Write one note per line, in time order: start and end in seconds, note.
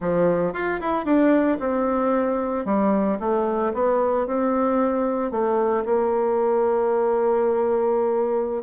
0.00 0.53 F3
0.53 0.80 F4
0.80 1.05 E4
1.05 1.58 D4
1.59 2.65 C4
2.65 3.18 G3
3.19 3.72 A3
3.73 4.26 B3
4.26 5.31 C4
5.31 5.84 A3
5.85 8.63 A#3